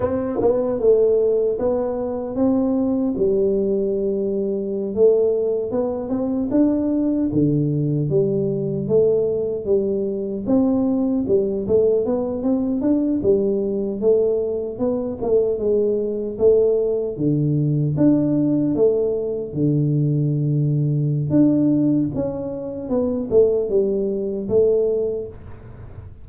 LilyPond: \new Staff \with { instrumentName = "tuba" } { \time 4/4 \tempo 4 = 76 c'8 b8 a4 b4 c'4 | g2~ g16 a4 b8 c'16~ | c'16 d'4 d4 g4 a8.~ | a16 g4 c'4 g8 a8 b8 c'16~ |
c'16 d'8 g4 a4 b8 a8 gis16~ | gis8. a4 d4 d'4 a16~ | a8. d2~ d16 d'4 | cis'4 b8 a8 g4 a4 | }